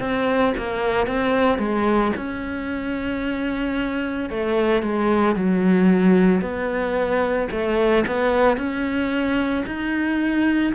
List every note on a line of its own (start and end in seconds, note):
0.00 0.54 C4
0.57 1.07 A#3
1.07 1.58 C4
1.58 2.12 G#3
2.16 4.30 C#4
4.30 4.82 A3
4.82 5.35 G#3
5.35 6.41 F#3
6.41 7.48 B3
7.51 8.05 A3
8.06 8.57 B3
8.57 9.64 C#4
9.66 10.73 D#4